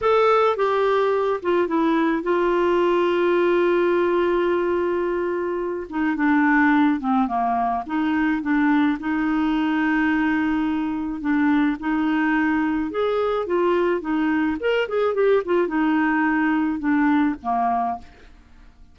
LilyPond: \new Staff \with { instrumentName = "clarinet" } { \time 4/4 \tempo 4 = 107 a'4 g'4. f'8 e'4 | f'1~ | f'2~ f'8 dis'8 d'4~ | d'8 c'8 ais4 dis'4 d'4 |
dis'1 | d'4 dis'2 gis'4 | f'4 dis'4 ais'8 gis'8 g'8 f'8 | dis'2 d'4 ais4 | }